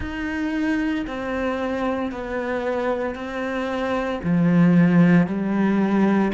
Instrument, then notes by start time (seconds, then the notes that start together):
cello
0.00 D#4
1.06 C4
2.11 B3
3.15 C4
4.23 F3
5.26 G3